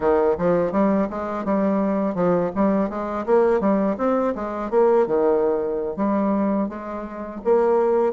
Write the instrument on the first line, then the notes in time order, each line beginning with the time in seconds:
bassoon
0.00 D#3
0.38 F3
0.72 G3
1.09 G#3
1.45 G3
2.14 F3
2.55 G3
2.89 G#3
3.25 A#3
3.60 G3
3.97 C4
4.35 G#3
4.70 A#3
5.06 D#3
5.96 G3
6.69 G#3
7.44 A#3